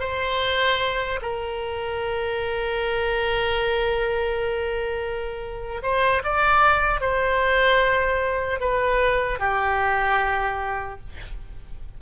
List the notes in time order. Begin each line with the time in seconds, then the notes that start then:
0.00 C5
1.22 A#4
5.83 C5
6.24 D5
7.01 C5
8.60 B4
9.39 G4